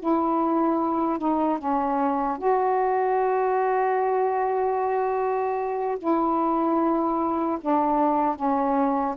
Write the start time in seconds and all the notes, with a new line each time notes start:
0.00 E4
1.19 D#4
1.59 C#4
2.39 F#4
5.99 E4
7.61 D4
8.36 C#4